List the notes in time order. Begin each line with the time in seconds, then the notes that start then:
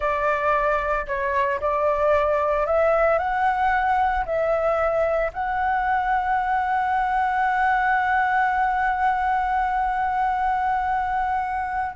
0.00 D5
1.06 C#5
1.60 D5
2.66 E5
3.18 F#5
4.25 E5
5.33 F#5